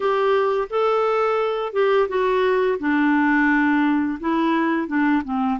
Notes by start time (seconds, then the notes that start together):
0.00 G4
0.70 A4
1.73 G4
2.08 F#4
2.79 D4
4.20 E4
4.87 D4
5.24 C4